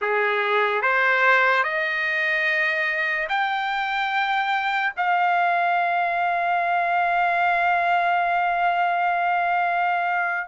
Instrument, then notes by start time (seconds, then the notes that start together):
trumpet
0.01 G#4
0.81 C5
1.63 D#5
3.28 G5
4.97 F5